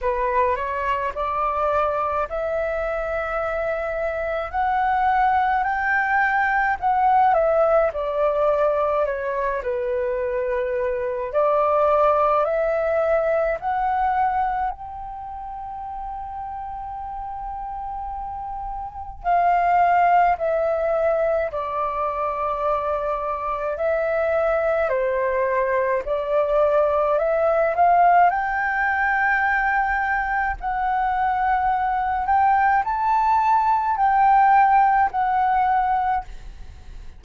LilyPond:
\new Staff \with { instrumentName = "flute" } { \time 4/4 \tempo 4 = 53 b'8 cis''8 d''4 e''2 | fis''4 g''4 fis''8 e''8 d''4 | cis''8 b'4. d''4 e''4 | fis''4 g''2.~ |
g''4 f''4 e''4 d''4~ | d''4 e''4 c''4 d''4 | e''8 f''8 g''2 fis''4~ | fis''8 g''8 a''4 g''4 fis''4 | }